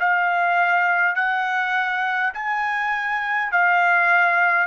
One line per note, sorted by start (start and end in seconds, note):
0.00 1.16 F5
1.16 2.34 F#5
2.34 3.52 G#5
3.52 4.67 F5